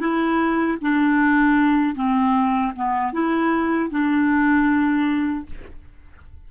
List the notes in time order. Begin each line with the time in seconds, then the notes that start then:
0.00 E4
0.81 D4
1.95 C4
2.75 B3
3.12 E4
3.90 D4